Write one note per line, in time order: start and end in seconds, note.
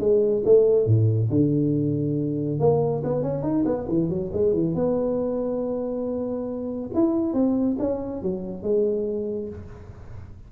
0.00 0.43 G#3
0.45 0.87 A3
0.87 1.30 A2
1.30 2.60 D3
2.60 3.03 A#3
3.04 3.23 B3
3.23 3.43 C#4
3.43 3.65 D#4
3.66 3.87 B3
3.89 4.10 E3
4.10 4.31 F#3
4.33 4.54 G#3
4.54 4.75 E3
4.75 6.91 B3
6.95 7.34 E4
7.34 7.77 C4
7.79 8.22 C#4
8.22 8.63 F#3
8.63 9.49 G#3